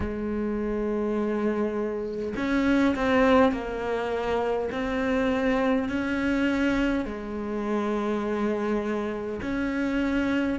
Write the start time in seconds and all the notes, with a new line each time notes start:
0.00 G#3
2.36 C#4
2.95 C4
3.52 A#3
4.71 C4
5.88 C#4
7.05 G#3
9.42 C#4